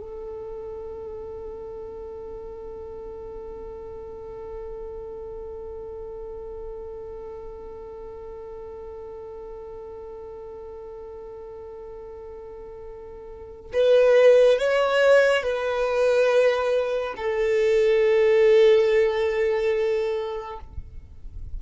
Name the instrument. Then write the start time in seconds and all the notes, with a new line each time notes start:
violin
0.00 A4
13.73 B4
14.58 C#5
15.43 B4
17.17 A4